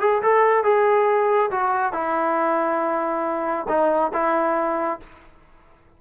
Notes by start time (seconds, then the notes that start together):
0.00 G#4
0.22 A4
0.63 G#4
1.51 F#4
1.93 E4
3.68 D#4
4.13 E4